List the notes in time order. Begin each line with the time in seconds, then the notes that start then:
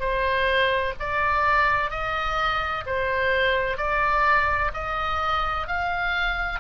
0.00 C5
0.99 D5
1.90 D#5
2.86 C5
3.78 D5
4.74 D#5
5.67 F5